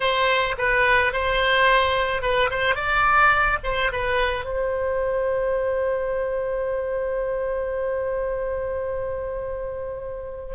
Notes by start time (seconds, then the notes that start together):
0.00 C5
0.57 B4
1.12 C5
2.22 B4
2.50 C5
2.75 D5
3.63 C5
3.92 B4
4.44 C5